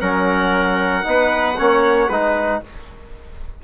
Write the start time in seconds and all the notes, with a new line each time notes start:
0.00 F#3 C#4 A#4 F#5
1.03 B3 D#4 B4
1.57 A#3 C#4 C#5
2.08 G#3 D#4 B4